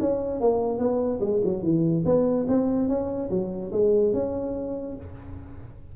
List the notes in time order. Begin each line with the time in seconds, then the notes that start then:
0.00 C#4
0.40 A#3
0.78 B3
1.20 G#3
1.44 F#3
1.63 E3
2.05 B3
2.48 C4
2.88 C#4
3.30 F#3
3.72 G#3
4.13 C#4